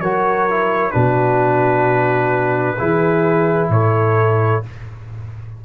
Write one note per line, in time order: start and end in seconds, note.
0.00 0.92 F#3
0.00 0.49 F#4
0.00 0.93 A#4
0.00 0.91 C#5
0.49 0.92 E4
0.91 2.79 B2
0.91 2.77 D4
0.91 2.77 F#4
0.91 3.68 B4
2.77 3.69 E3
2.77 4.63 E4
2.77 3.69 G#4
3.69 4.61 A2
3.69 4.65 A4
3.69 4.64 C#5